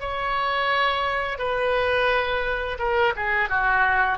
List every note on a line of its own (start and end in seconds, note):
0.00 1.39 C#5
1.39 2.78 B4
2.79 3.14 A#4
3.16 3.49 G#4
3.49 4.18 F#4